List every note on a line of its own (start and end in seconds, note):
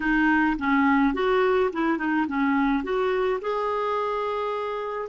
0.00 0.57 D#4
0.58 1.13 C#4
1.13 1.70 F#4
1.72 1.98 E4
1.98 2.26 D#4
2.27 2.83 C#4
2.83 3.40 F#4
3.41 5.08 G#4